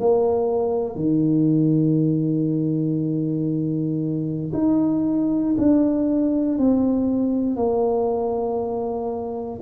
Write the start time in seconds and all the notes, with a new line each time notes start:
0.00 A#3
0.95 D#3
4.54 D#4
5.58 D4
6.58 C4
7.56 A#3